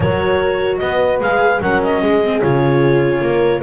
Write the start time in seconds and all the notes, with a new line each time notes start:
0.00 F#3 F#4 A#4 C#5
0.78 B3 B4 D#5
1.20 G#3 G#4 F5
1.61 F#3 C#4 A#4 F#5
1.83 D#5
2.01 G#3 G#4
2.23 C4
2.41 C#3 F4 C#5
3.21 A#3 A#4